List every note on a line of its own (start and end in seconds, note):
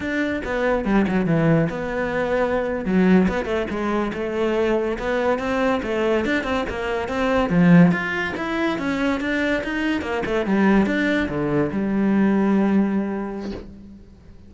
0.00 0.41 D4
0.44 0.85 B3
0.85 1.06 G3
1.07 1.26 F#3
1.26 1.68 E3
1.69 2.85 B3
2.85 3.27 F#3
3.28 3.45 B3
3.45 3.66 A3
3.70 4.12 G#3
4.13 4.97 A3
4.98 5.39 B3
5.39 5.81 C4
5.83 6.25 A3
6.25 6.43 D4
6.43 6.64 C4
6.69 7.08 A#3
7.08 7.49 C4
7.49 7.91 F3
7.91 8.34 F4
8.36 8.78 E4
8.78 9.20 C#4
9.20 9.62 D4
9.63 10.01 D#4
10.01 10.23 A#3
10.25 10.46 A3
10.46 10.86 G3
10.86 11.28 D4
11.28 11.71 D3
11.72 13.51 G3